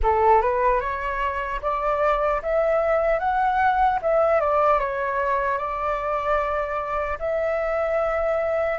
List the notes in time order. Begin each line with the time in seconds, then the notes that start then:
0.02 A4
0.41 B4
0.80 C#5
1.61 D5
2.42 E5
3.19 F#5
4.01 E5
4.40 D5
4.79 C#5
5.58 D5
7.19 E5